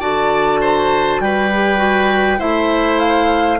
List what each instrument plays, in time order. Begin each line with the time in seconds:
0.00 bassoon D3, clarinet F#4, oboe D5, flute A5
0.61 oboe C5
1.20 bassoon G3, oboe B4, flute G5
1.53 clarinet G4
1.77 clarinet F#4
2.38 bassoon A3, clarinet E4, oboe C5, flute E5
2.99 flute F5